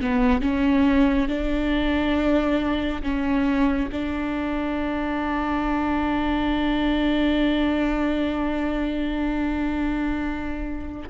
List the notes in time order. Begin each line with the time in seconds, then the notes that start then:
0.00 B3
0.41 C#4
1.28 D4
3.02 C#4
3.91 D4